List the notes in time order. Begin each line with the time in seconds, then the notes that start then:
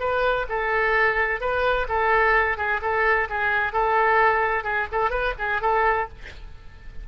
0.00 B4
0.49 A4
1.41 B4
1.89 A4
2.58 G#4
2.82 A4
3.29 G#4
3.73 A4
4.64 G#4
4.92 A4
5.10 B4
5.39 G#4
5.62 A4